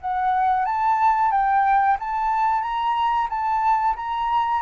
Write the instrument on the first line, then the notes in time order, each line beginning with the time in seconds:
flute
0.00 F#5
0.65 A5
1.31 G5
1.99 A5
2.62 A#5
3.29 A5
3.96 A#5